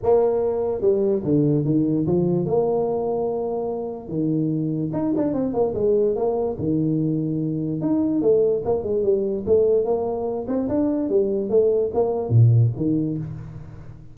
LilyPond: \new Staff \with { instrumentName = "tuba" } { \time 4/4 \tempo 4 = 146 ais2 g4 d4 | dis4 f4 ais2~ | ais2 dis2 | dis'8 d'8 c'8 ais8 gis4 ais4 |
dis2. dis'4 | a4 ais8 gis8 g4 a4 | ais4. c'8 d'4 g4 | a4 ais4 ais,4 dis4 | }